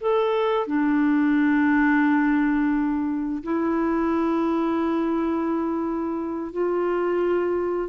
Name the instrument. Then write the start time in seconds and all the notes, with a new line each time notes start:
clarinet
0.00 A4
0.66 D4
3.43 E4
6.52 F4